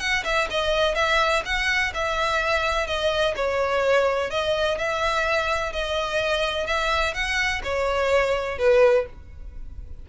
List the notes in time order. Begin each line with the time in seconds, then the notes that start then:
0.00 F#5
0.24 E5
0.51 D#5
0.95 E5
1.45 F#5
1.94 E5
2.87 D#5
3.36 C#5
4.31 D#5
4.78 E5
5.73 D#5
6.67 E5
7.14 F#5
7.64 C#5
8.59 B4